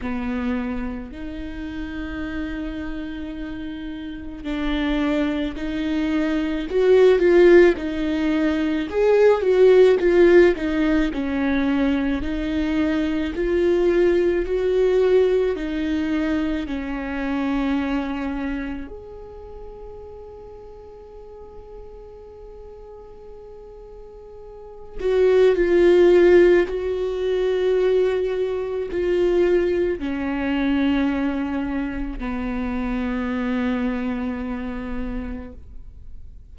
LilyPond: \new Staff \with { instrumentName = "viola" } { \time 4/4 \tempo 4 = 54 b4 dis'2. | d'4 dis'4 fis'8 f'8 dis'4 | gis'8 fis'8 f'8 dis'8 cis'4 dis'4 | f'4 fis'4 dis'4 cis'4~ |
cis'4 gis'2.~ | gis'2~ gis'8 fis'8 f'4 | fis'2 f'4 cis'4~ | cis'4 b2. | }